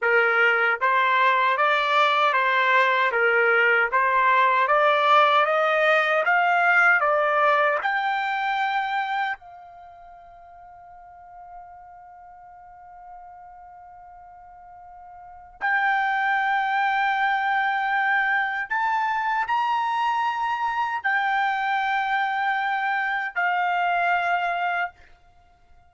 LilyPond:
\new Staff \with { instrumentName = "trumpet" } { \time 4/4 \tempo 4 = 77 ais'4 c''4 d''4 c''4 | ais'4 c''4 d''4 dis''4 | f''4 d''4 g''2 | f''1~ |
f''1 | g''1 | a''4 ais''2 g''4~ | g''2 f''2 | }